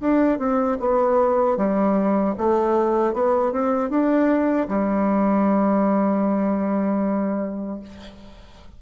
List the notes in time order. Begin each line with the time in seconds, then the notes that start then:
0.00 D4
0.38 C4
0.79 B3
1.57 G3
2.37 A3
3.13 B3
3.52 C4
3.89 D4
4.68 G3